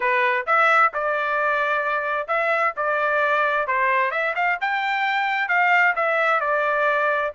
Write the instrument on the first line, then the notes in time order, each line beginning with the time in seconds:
trumpet
0.00 B4
0.46 E5
0.93 D5
2.27 E5
2.76 D5
3.67 C5
4.11 E5
4.35 F5
4.61 G5
5.48 F5
5.95 E5
6.40 D5